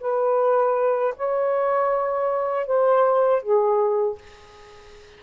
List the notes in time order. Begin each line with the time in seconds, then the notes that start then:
0.00 B4
1.16 C#5
2.66 C5
3.42 G#4